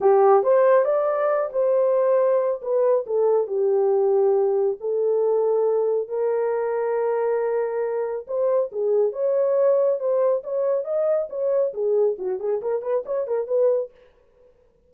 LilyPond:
\new Staff \with { instrumentName = "horn" } { \time 4/4 \tempo 4 = 138 g'4 c''4 d''4. c''8~ | c''2 b'4 a'4 | g'2. a'4~ | a'2 ais'2~ |
ais'2. c''4 | gis'4 cis''2 c''4 | cis''4 dis''4 cis''4 gis'4 | fis'8 gis'8 ais'8 b'8 cis''8 ais'8 b'4 | }